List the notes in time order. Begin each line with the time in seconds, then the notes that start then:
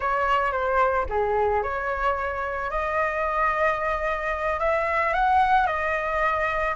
0.00 C#5
0.51 C5
1.09 G#4
1.62 C#5
2.70 D#5
4.59 E5
5.13 F#5
5.66 D#5